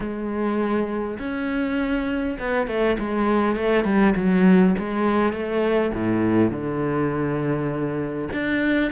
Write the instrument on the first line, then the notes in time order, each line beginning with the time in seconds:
cello
0.00 G#3
1.19 C#4
2.39 B3
2.67 A3
2.98 G#3
3.56 A3
3.84 G3
4.16 F#3
4.78 G#3
5.32 A3
5.93 A2
6.50 D3
8.32 D4